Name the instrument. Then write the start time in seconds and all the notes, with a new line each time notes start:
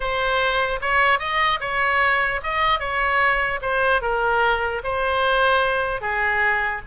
oboe
0.00 C5
0.81 C#5
1.19 D#5
1.60 C#5
2.43 D#5
2.79 C#5
3.61 C5
4.01 A#4
4.83 C5
6.01 G#4